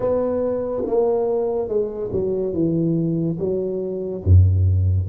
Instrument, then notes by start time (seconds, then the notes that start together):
tuba
0.00 B3
0.85 A#3
1.68 G#3
2.12 F#3
2.53 E3
3.39 F#3
4.23 F#2